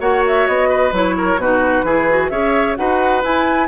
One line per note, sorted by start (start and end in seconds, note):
0.00 0.46 A#3
0.00 0.92 F#4
0.00 0.69 C#5
0.00 0.24 F#5
0.28 0.47 E5
0.47 0.92 B3
0.47 0.93 D#5
0.69 1.15 B4
0.92 1.37 F#3
0.92 1.39 E4
0.92 1.41 C#5
1.18 1.41 A#4
1.37 1.83 B2
1.37 1.87 D#4
1.37 1.85 F#4
1.37 2.29 B4
1.84 2.30 E3
1.84 2.10 E4
1.84 2.31 G#4
2.10 2.31 F#4
2.29 2.77 C#4
2.29 2.76 G#4
2.29 2.78 C#5
2.29 2.75 E5
2.76 3.24 D#4
2.76 3.22 F#4
2.76 3.68 B4
2.76 3.22 F#5
3.22 3.68 E4
3.22 3.68 G#5